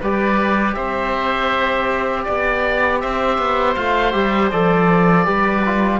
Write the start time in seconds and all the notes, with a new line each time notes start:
0.00 G3 G4 B4 D5
0.74 C4 C5 E5
2.23 B3 D5
3.00 C4 C5 E5
3.38 B3
3.75 A3 F4 F5
4.12 G3 G4 E5
4.51 F3 A4 D5
5.24 G3 G4 B4
5.65 F4